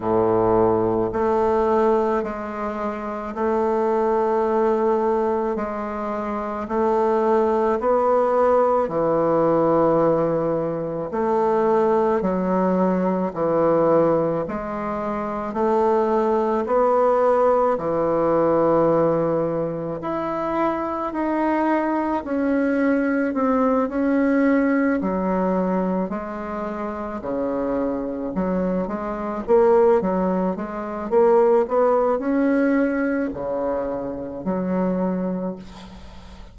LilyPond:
\new Staff \with { instrumentName = "bassoon" } { \time 4/4 \tempo 4 = 54 a,4 a4 gis4 a4~ | a4 gis4 a4 b4 | e2 a4 fis4 | e4 gis4 a4 b4 |
e2 e'4 dis'4 | cis'4 c'8 cis'4 fis4 gis8~ | gis8 cis4 fis8 gis8 ais8 fis8 gis8 | ais8 b8 cis'4 cis4 fis4 | }